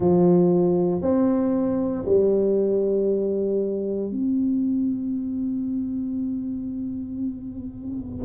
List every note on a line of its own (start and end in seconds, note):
0.00 1.01 F3
1.01 2.05 C4
2.05 4.11 G3
4.11 8.25 C4